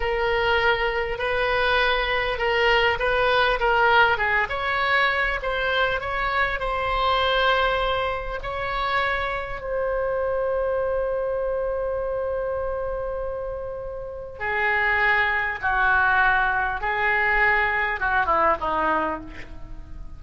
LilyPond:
\new Staff \with { instrumentName = "oboe" } { \time 4/4 \tempo 4 = 100 ais'2 b'2 | ais'4 b'4 ais'4 gis'8 cis''8~ | cis''4 c''4 cis''4 c''4~ | c''2 cis''2 |
c''1~ | c''1 | gis'2 fis'2 | gis'2 fis'8 e'8 dis'4 | }